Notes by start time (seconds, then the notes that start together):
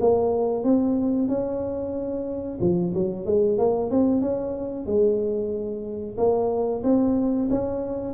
0.00 A#3
0.64 C4
1.28 C#4
2.61 F3
2.94 F#3
3.26 G#3
3.58 A#3
3.90 C4
4.21 C#4
4.86 G#3
6.17 A#3
6.84 C4
7.50 C#4